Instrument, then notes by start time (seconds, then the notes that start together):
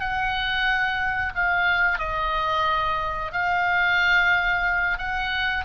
oboe
0.00 F#5
1.35 F5
1.99 D#5
3.33 F5
4.98 F#5